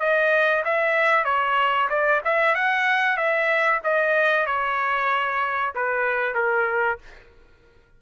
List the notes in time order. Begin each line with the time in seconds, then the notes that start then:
0.00 D#5
0.65 E5
1.25 C#5
1.90 D5
2.25 E5
2.55 F#5
3.17 E5
3.84 D#5
4.46 C#5
5.75 B4
6.35 A#4